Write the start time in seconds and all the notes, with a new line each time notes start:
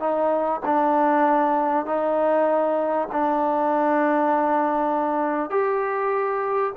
0.00 D#4
0.66 D4
1.86 D#4
3.12 D4
5.51 G4